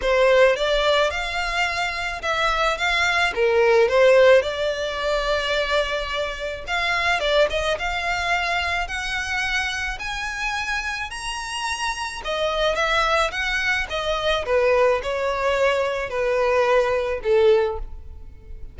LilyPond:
\new Staff \with { instrumentName = "violin" } { \time 4/4 \tempo 4 = 108 c''4 d''4 f''2 | e''4 f''4 ais'4 c''4 | d''1 | f''4 d''8 dis''8 f''2 |
fis''2 gis''2 | ais''2 dis''4 e''4 | fis''4 dis''4 b'4 cis''4~ | cis''4 b'2 a'4 | }